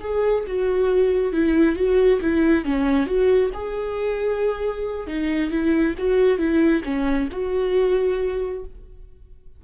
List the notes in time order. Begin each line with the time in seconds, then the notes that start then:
0.00 G#4
0.47 F#4
1.33 E4
1.76 F#4
2.21 E4
2.65 C#4
3.06 F#4
3.54 G#4
5.07 D#4
5.50 E4
5.98 F#4
6.38 E4
6.84 C#4
7.32 F#4